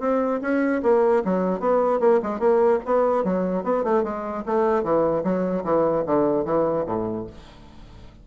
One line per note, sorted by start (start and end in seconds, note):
0.00 0.40 C4
0.41 0.82 C#4
0.83 1.23 A#3
1.24 1.60 F#3
1.60 2.00 B3
2.00 2.20 A#3
2.23 2.39 G#3
2.39 2.79 A#3
2.85 3.24 B3
3.24 3.64 F#3
3.64 3.84 B3
3.84 4.04 A3
4.04 4.44 G#3
4.46 4.83 A3
4.83 5.23 E3
5.24 5.64 F#3
5.64 6.04 E3
6.06 6.45 D3
6.45 6.85 E3
6.86 7.27 A2